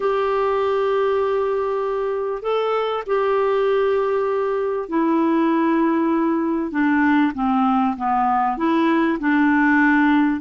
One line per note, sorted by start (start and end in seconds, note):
0.00 2.42 G4
2.42 3.03 A4
3.06 4.88 G4
4.88 6.71 E4
6.71 7.32 D4
7.34 7.95 C4
7.96 8.57 B3
8.57 9.18 E4
9.19 10.41 D4